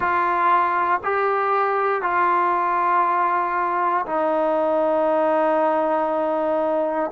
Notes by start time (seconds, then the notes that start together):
0.00 F4
1.04 G4
2.02 F4
4.05 D#4